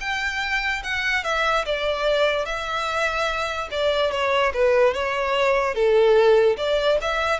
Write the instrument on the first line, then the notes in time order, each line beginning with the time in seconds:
violin
0.00 G5
0.83 F#5
1.24 E5
1.65 D5
2.45 E5
3.71 D5
4.11 C#5
4.53 B4
4.94 C#5
5.74 A4
6.57 D5
7.01 E5